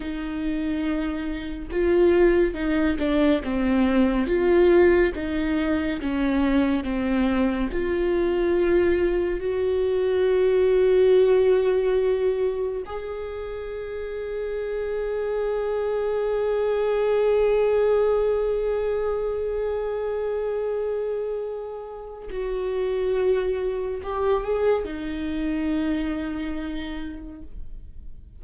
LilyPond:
\new Staff \with { instrumentName = "viola" } { \time 4/4 \tempo 4 = 70 dis'2 f'4 dis'8 d'8 | c'4 f'4 dis'4 cis'4 | c'4 f'2 fis'4~ | fis'2. gis'4~ |
gis'1~ | gis'1~ | gis'2 fis'2 | g'8 gis'8 dis'2. | }